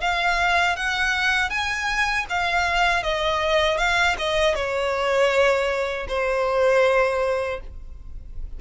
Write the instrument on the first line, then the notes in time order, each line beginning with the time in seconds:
violin
0.00 F5
0.76 F#5
1.49 G#5
2.29 F5
3.03 D#5
3.78 F5
4.18 D#5
4.55 C#5
6.08 C5